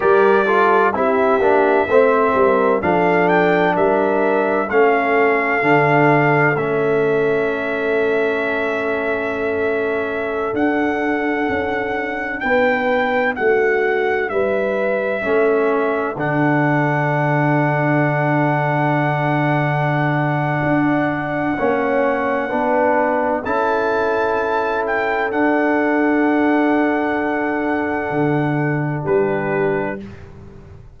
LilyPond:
<<
  \new Staff \with { instrumentName = "trumpet" } { \time 4/4 \tempo 4 = 64 d''4 e''2 f''8 g''8 | e''4 f''2 e''4~ | e''2.~ e''16 fis''8.~ | fis''4~ fis''16 g''4 fis''4 e''8.~ |
e''4~ e''16 fis''2~ fis''8.~ | fis''1~ | fis''4 a''4. g''8 fis''4~ | fis''2. b'4 | }
  \new Staff \with { instrumentName = "horn" } { \time 4/4 ais'8 a'8 g'4 c''8 ais'8 a'4 | ais'4 a'2.~ | a'1~ | a'4~ a'16 b'4 fis'4 b'8.~ |
b'16 a'2.~ a'8.~ | a'2. cis''4 | b'4 a'2.~ | a'2. g'4 | }
  \new Staff \with { instrumentName = "trombone" } { \time 4/4 g'8 f'8 e'8 d'8 c'4 d'4~ | d'4 cis'4 d'4 cis'4~ | cis'2.~ cis'16 d'8.~ | d'1~ |
d'16 cis'4 d'2~ d'8.~ | d'2. cis'4 | d'4 e'2 d'4~ | d'1 | }
  \new Staff \with { instrumentName = "tuba" } { \time 4/4 g4 c'8 ais8 a8 g8 f4 | g4 a4 d4 a4~ | a2.~ a16 d'8.~ | d'16 cis'4 b4 a4 g8.~ |
g16 a4 d2~ d8.~ | d2 d'4 ais4 | b4 cis'2 d'4~ | d'2 d4 g4 | }
>>